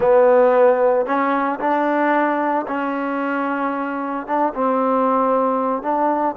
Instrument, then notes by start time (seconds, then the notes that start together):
trombone
0.00 B3
1.06 C#4
1.59 D4
2.67 C#4
4.26 D4
4.54 C4
5.82 D4